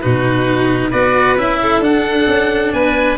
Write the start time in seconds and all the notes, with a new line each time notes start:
0.00 B2 D#4 F#4 B4
0.89 B3 F#4 B4 D5
1.37 C#4 E4 E5
1.62 A4
1.80 D4 F#5
2.27 C#4
2.73 B3 B4 G#5